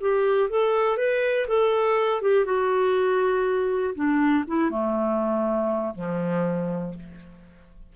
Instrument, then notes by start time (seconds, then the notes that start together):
clarinet
0.00 G4
0.49 A4
0.97 B4
1.47 A4
2.21 G4
2.45 F#4
3.94 D4
4.47 E4
4.70 A3
5.94 F3